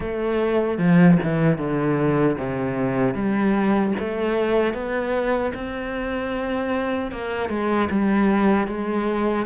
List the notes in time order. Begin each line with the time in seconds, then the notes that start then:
0.00 A3
0.78 F3
1.22 E3
1.58 D3
2.38 C3
3.14 G3
3.99 A3
4.73 B3
5.54 C4
7.11 A#3
7.49 G#3
7.90 G3
8.67 G#3